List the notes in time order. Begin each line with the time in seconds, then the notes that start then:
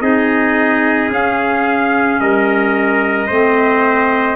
0.00 C4 D#4 G#4 D#5
1.10 C#4 F5
2.20 G3 A#4 D#5
3.27 A3 C4 C5